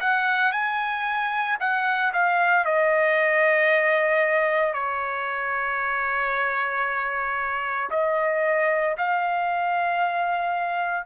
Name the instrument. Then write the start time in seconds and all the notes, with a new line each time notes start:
trumpet
0.00 F#5
0.52 G#5
1.60 F#5
2.13 F5
2.65 D#5
4.74 C#5
7.90 D#5
8.98 F5